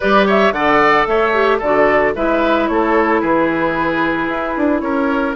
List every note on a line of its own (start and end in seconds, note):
0.00 0.51 G3
0.00 0.54 G4
0.00 0.26 B4
0.00 0.27 D5
0.26 0.53 C#5
0.26 0.52 E5
0.51 1.05 D3
0.51 1.33 A4
0.51 1.08 D5
0.51 1.05 F#5
1.06 1.60 A3
1.06 1.58 C#5
1.06 1.60 E5
1.33 1.60 G4
1.58 2.15 D3
1.58 2.15 F#4
1.58 2.11 A4
1.58 2.15 D5
2.15 2.68 G#3
2.15 5.36 E4
2.15 2.69 B4
2.15 2.67 E5
2.67 3.22 A3
2.67 3.21 A4
2.67 3.20 C#5
3.20 4.28 E3
3.20 4.82 G#4
3.20 4.80 B4
4.28 4.54 E4
4.56 4.81 D4
4.80 5.35 C#4
4.80 5.36 A#4
4.80 5.34 C#5